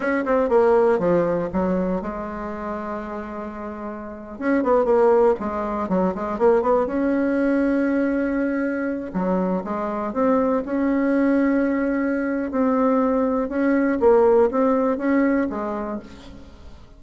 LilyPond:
\new Staff \with { instrumentName = "bassoon" } { \time 4/4 \tempo 4 = 120 cis'8 c'8 ais4 f4 fis4 | gis1~ | gis8. cis'8 b8 ais4 gis4 fis16~ | fis16 gis8 ais8 b8 cis'2~ cis'16~ |
cis'2~ cis'16 fis4 gis8.~ | gis16 c'4 cis'2~ cis'8.~ | cis'4 c'2 cis'4 | ais4 c'4 cis'4 gis4 | }